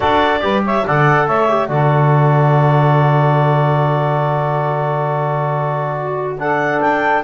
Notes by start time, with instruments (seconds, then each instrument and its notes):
0.00 double bass D4, trombone F#4, saxophone A4, clarinet D5
0.40 double bass G3, trombone G4, saxophone B4
0.64 saxophone C#5, clarinet E5
0.85 double bass D3, trombone A4, saxophone D5, clarinet F#5
1.26 double bass A3, saxophone C#5, clarinet E5
1.48 trombone G4
1.68 double bass D3, trombone F#4, saxophone A4, clarinet D5
5.99 saxophone F#4
6.39 trombone D4, saxophone A4, clarinet F#5
6.80 double bass D4, clarinet G5